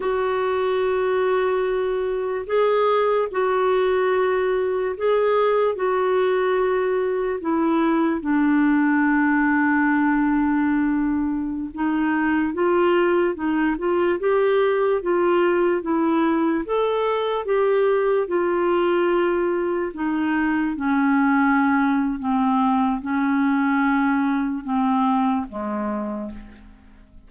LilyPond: \new Staff \with { instrumentName = "clarinet" } { \time 4/4 \tempo 4 = 73 fis'2. gis'4 | fis'2 gis'4 fis'4~ | fis'4 e'4 d'2~ | d'2~ d'16 dis'4 f'8.~ |
f'16 dis'8 f'8 g'4 f'4 e'8.~ | e'16 a'4 g'4 f'4.~ f'16~ | f'16 dis'4 cis'4.~ cis'16 c'4 | cis'2 c'4 gis4 | }